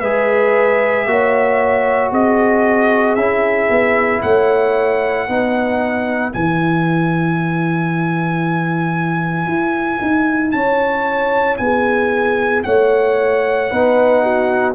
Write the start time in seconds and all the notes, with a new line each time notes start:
0.00 G#3 G#4 B4 E5
1.06 A#3 F#4 C#5
2.11 C4 G#4 D#5
3.16 C#4 E4 E5
3.70 B3
4.22 A3 C#5 F#5
5.29 B3 D#4 B4
6.33 E3 E4 G#5
9.46 E4
10.02 D#4
10.52 C#4 C#5 A5
11.57 B3 G#4 G#5
12.64 A3 C#5 F#5
13.70 B3 D#4 B4
14.23 F#4